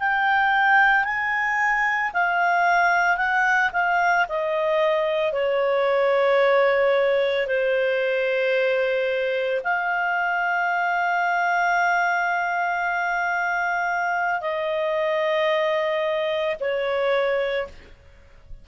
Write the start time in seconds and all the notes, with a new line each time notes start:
0.00 G5
1.05 G#5
2.14 F5
3.18 F#5
3.73 F5
4.29 D#5
5.33 C#5
7.48 C5
9.64 F5
14.42 D#5
16.61 C#5